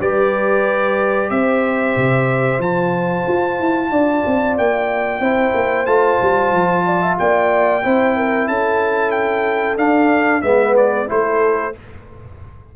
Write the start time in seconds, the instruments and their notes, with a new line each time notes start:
0.00 tuba G3, trombone G4, horn B4, trumpet D5
1.30 tuba C4, horn C5, trumpet E5
1.96 tuba C3
2.58 tuba F3, trombone F4, trumpet A5
3.27 tuba F4
3.60 tuba E4
3.90 tuba D4, horn D5
4.26 tuba C4
4.57 tuba A#3, trumpet G5
5.20 tuba C4, trombone E4, horn C5
5.54 tuba A#3
5.85 tuba A3, trombone F4, trumpet A5
6.21 tuba G3
6.52 tuba F3
6.85 horn D5
7.01 horn E5
7.18 tuba A#3, horn D5, trumpet G5
7.82 tuba C4, trombone E4, horn C5
8.16 horn A#4
8.47 tuba C#4, horn A4, trumpet A5
9.11 trumpet G5
9.77 tuba D4, trombone D4, trumpet F5
10.41 tuba G#3, trombone B3, horn B4, trumpet E5
10.76 trumpet D5
11.07 tuba A3, trombone E4, horn A4, trumpet C5